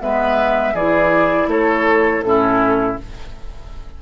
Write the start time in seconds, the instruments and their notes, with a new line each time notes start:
0.00 bassoon G#3, clarinet B3, oboe B4, flute E5
0.74 bassoon E3, clarinet E4, oboe G#4, flute D5
1.47 bassoon A3, oboe A4, flute C#5
2.22 bassoon A2, clarinet C#4, flute A4
2.28 oboe E4